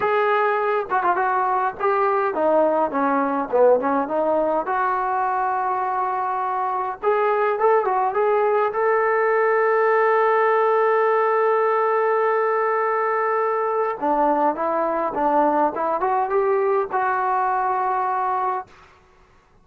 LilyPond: \new Staff \with { instrumentName = "trombone" } { \time 4/4 \tempo 4 = 103 gis'4. fis'16 f'16 fis'4 g'4 | dis'4 cis'4 b8 cis'8 dis'4 | fis'1 | gis'4 a'8 fis'8 gis'4 a'4~ |
a'1~ | a'1 | d'4 e'4 d'4 e'8 fis'8 | g'4 fis'2. | }